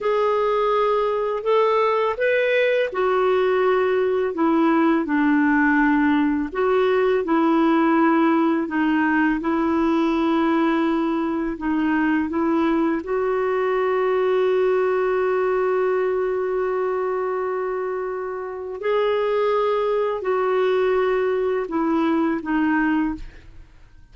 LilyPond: \new Staff \with { instrumentName = "clarinet" } { \time 4/4 \tempo 4 = 83 gis'2 a'4 b'4 | fis'2 e'4 d'4~ | d'4 fis'4 e'2 | dis'4 e'2. |
dis'4 e'4 fis'2~ | fis'1~ | fis'2 gis'2 | fis'2 e'4 dis'4 | }